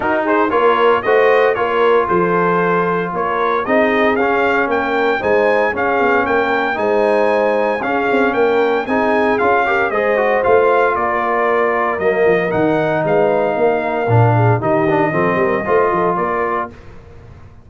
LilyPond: <<
  \new Staff \with { instrumentName = "trumpet" } { \time 4/4 \tempo 4 = 115 ais'8 c''8 cis''4 dis''4 cis''4 | c''2 cis''4 dis''4 | f''4 g''4 gis''4 f''4 | g''4 gis''2 f''4 |
g''4 gis''4 f''4 dis''4 | f''4 d''2 dis''4 | fis''4 f''2. | dis''2. d''4 | }
  \new Staff \with { instrumentName = "horn" } { \time 4/4 fis'8 gis'8 ais'4 c''4 ais'4 | a'2 ais'4 gis'4~ | gis'4 ais'4 c''4 gis'4 | ais'4 c''2 gis'4 |
ais'4 gis'4. ais'8 c''4~ | c''4 ais'2.~ | ais'4 b'4 ais'4. gis'8 | g'4 a'8 ais'8 c''8 a'8 ais'4 | }
  \new Staff \with { instrumentName = "trombone" } { \time 4/4 dis'4 f'4 fis'4 f'4~ | f'2. dis'4 | cis'2 dis'4 cis'4~ | cis'4 dis'2 cis'4~ |
cis'4 dis'4 f'8 g'8 gis'8 fis'8 | f'2. ais4 | dis'2. d'4 | dis'8 d'8 c'4 f'2 | }
  \new Staff \with { instrumentName = "tuba" } { \time 4/4 dis'4 ais4 a4 ais4 | f2 ais4 c'4 | cis'4 ais4 gis4 cis'8 b8 | ais4 gis2 cis'8 c'8 |
ais4 c'4 cis'4 gis4 | a4 ais2 fis8 f8 | dis4 gis4 ais4 ais,4 | dis4 f8 g8 a8 f8 ais4 | }
>>